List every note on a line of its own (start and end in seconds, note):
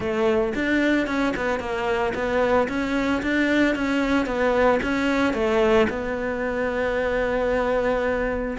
0.00 0.53 A3
0.54 1.06 D4
1.06 1.33 C#4
1.36 1.59 B3
1.59 2.13 A#3
2.14 2.68 B3
2.68 3.22 C#4
3.22 3.75 D4
3.75 4.25 C#4
4.25 4.79 B3
4.83 5.33 C#4
5.33 5.87 A3
5.89 8.57 B3